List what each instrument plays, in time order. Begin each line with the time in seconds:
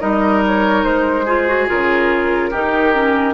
0.00 bassoon G3, clarinet D#4, oboe A#4, flute D#5
0.47 flute C#5
0.84 bassoon G#3, flute C5
1.26 clarinet F4, oboe G#4
1.48 clarinet F#4
1.69 bassoon C#3, clarinet F4, flute A#4
2.51 bassoon D#3, clarinet D#4, oboe G4
2.94 clarinet C#4